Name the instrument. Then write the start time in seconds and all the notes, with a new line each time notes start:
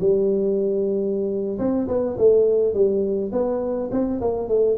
tuba
0.00 G3
1.59 C4
1.88 B3
2.18 A3
2.74 G3
3.32 B3
3.92 C4
4.21 A#3
4.48 A3